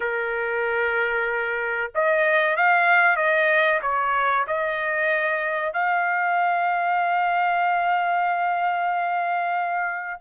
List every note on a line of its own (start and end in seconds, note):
0.00 1.91 A#4
1.94 2.56 D#5
2.56 3.16 F5
3.16 3.80 D#5
3.82 4.45 C#5
4.47 5.73 D#5
5.73 10.20 F5